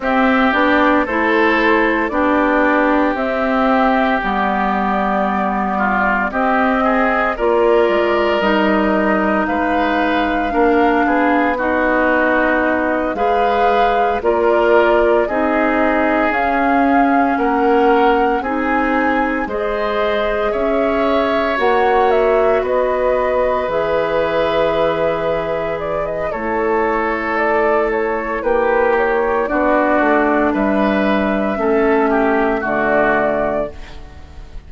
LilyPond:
<<
  \new Staff \with { instrumentName = "flute" } { \time 4/4 \tempo 4 = 57 e''8 d''8 c''4 d''4 e''4 | d''2 dis''4 d''4 | dis''4 f''2 dis''4~ | dis''8 f''4 d''4 dis''4 f''8~ |
f''8 fis''4 gis''4 dis''4 e''8~ | e''8 fis''8 e''8 dis''4 e''4.~ | e''8 d''16 dis''16 cis''4 d''8 cis''8 b'8 cis''8 | d''4 e''2 d''4 | }
  \new Staff \with { instrumentName = "oboe" } { \time 4/4 g'4 a'4 g'2~ | g'4. f'8 g'8 gis'8 ais'4~ | ais'4 b'4 ais'8 gis'8 fis'4~ | fis'8 b'4 ais'4 gis'4.~ |
gis'8 ais'4 gis'4 c''4 cis''8~ | cis''4. b'2~ b'8~ | b'4 a'2 g'4 | fis'4 b'4 a'8 g'8 fis'4 | }
  \new Staff \with { instrumentName = "clarinet" } { \time 4/4 c'8 d'8 e'4 d'4 c'4 | b2 c'4 f'4 | dis'2 d'4 dis'4~ | dis'8 gis'4 f'4 dis'4 cis'8~ |
cis'4. dis'4 gis'4.~ | gis'8 fis'2 gis'4.~ | gis'4 e'2. | d'2 cis'4 a4 | }
  \new Staff \with { instrumentName = "bassoon" } { \time 4/4 c'8 b8 a4 b4 c'4 | g2 c'4 ais8 gis8 | g4 gis4 ais8 b4.~ | b8 gis4 ais4 c'4 cis'8~ |
cis'8 ais4 c'4 gis4 cis'8~ | cis'8 ais4 b4 e4.~ | e4 a2 ais4 | b8 a8 g4 a4 d4 | }
>>